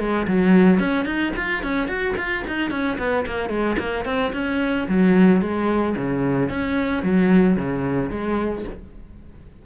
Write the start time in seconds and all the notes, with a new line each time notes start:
0.00 G#3
0.28 F#3
0.80 C#4
1.06 D#4
1.37 F4
1.63 C#4
1.88 F#4
2.17 F4
2.48 D#4
2.71 C#4
2.99 B3
3.27 A#3
3.50 G#3
3.79 A#3
4.05 C4
4.34 C#4
4.89 F#3
5.42 G#3
5.97 C#3
6.50 C#4
7.03 F#3
7.57 C#3
8.11 G#3